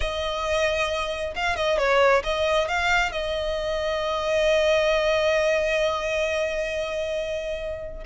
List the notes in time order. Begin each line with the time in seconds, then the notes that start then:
0.00 D#5
1.35 F5
1.55 D#5
1.78 C#5
2.23 D#5
2.67 F5
3.11 D#5